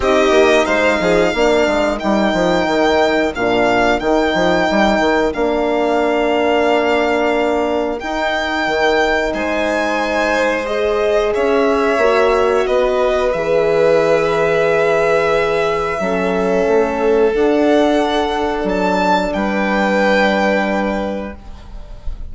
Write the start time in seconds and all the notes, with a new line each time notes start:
0.00 C4 D#4 G4 D#5
0.30 A#3
0.65 G#3 C5 F5
0.99 F3 G#4
1.32 A#3 D4 A#4
1.67 G#3
1.98 G3 D#4 G5
2.33 F3
2.67 D#3
3.35 A#2 D4 F5
3.99 D#3 D#4 G5
4.34 F3
4.70 G3
4.99 D#3
5.33 A#3 D4 F5
7.99 D#4 G5
8.67 D#3
9.33 G#3 C5 G#5
10.65 G#4 D#5
11.33 C#4 C#5 E5
11.97 A#3 F#4
12.66 B3 B4 D#5
13.32 E3 G#4 E5
15.99 F#3 C#4 A4
16.67 A3
17.33 D4 F#5
18.64 F#3 A5
19.33 G3 B4 G5